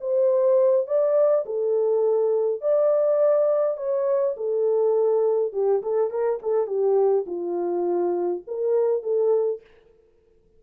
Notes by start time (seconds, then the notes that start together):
0.00 C5
0.86 D5
1.45 A4
2.61 D5
3.77 C#5
4.36 A4
5.52 G4
5.82 A4
6.10 A#4
6.42 A4
6.66 G4
7.26 F4
8.47 A#4
9.02 A4